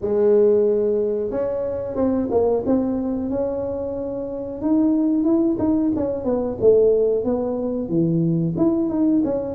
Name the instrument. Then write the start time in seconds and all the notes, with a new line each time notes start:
tuba
0.01 G#3
1.30 C#4
1.95 C4
2.30 A#3
2.66 C4
3.30 C#4
4.61 D#4
5.24 E4
5.58 D#4
5.96 C#4
6.24 B3
6.61 A3
7.24 B3
7.89 E3
8.57 E4
8.89 D#4
9.24 C#4